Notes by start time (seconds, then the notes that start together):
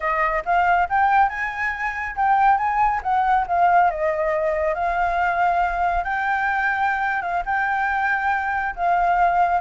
0.00 D#5
0.45 F5
0.89 G5
1.29 G#5
2.16 G5
2.57 G#5
3.02 F#5
3.47 F5
3.90 D#5
4.74 F5
6.04 G5
7.21 F5
7.45 G5
8.75 F5